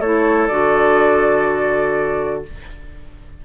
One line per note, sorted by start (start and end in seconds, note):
0.00 0.49 A3
0.00 0.50 E4
0.00 2.44 A4
0.00 0.47 C#5
0.47 2.44 D3
0.47 2.45 F#4
0.47 2.43 D5